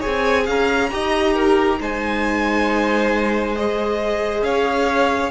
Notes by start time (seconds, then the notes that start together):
0.00 G#4 C#5 G#5
0.06 C4
0.46 C#4 F5 A#5
0.91 D#4 G4 D#5
1.35 A#4
1.80 G#3 D#4 C5 G#5
3.56 G#4 D#5
4.42 C#4 C#5 F5